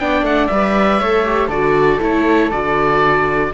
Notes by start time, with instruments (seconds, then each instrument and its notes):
0.00 cello B3, viola D4, flute D5, oboe G5
0.23 cello A3, oboe F#5
0.47 cello G3, viola B4, oboe E5
1.01 cello A3, viola A4, flute C#5
1.24 viola G4
1.47 cello D3, viola F#4, flute A4, oboe D5
2.00 cello A3, viola E4, oboe C#5
2.52 cello D3, viola F#4, oboe D5